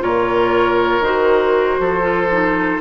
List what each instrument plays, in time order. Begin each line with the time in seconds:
0.00 bassoon A#2, clarinet F4, oboe A#4, flute C#5
1.01 bassoon D#3, clarinet F#4, flute C5
1.80 bassoon F3, oboe A4
2.02 clarinet F4
2.32 clarinet D#4